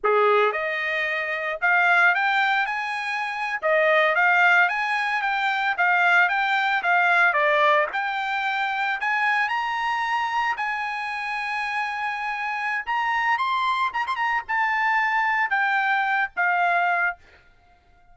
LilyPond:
\new Staff \with { instrumentName = "trumpet" } { \time 4/4 \tempo 4 = 112 gis'4 dis''2 f''4 | g''4 gis''4.~ gis''16 dis''4 f''16~ | f''8. gis''4 g''4 f''4 g''16~ | g''8. f''4 d''4 g''4~ g''16~ |
g''8. gis''4 ais''2 gis''16~ | gis''1 | ais''4 c'''4 ais''16 c'''16 ais''8 a''4~ | a''4 g''4. f''4. | }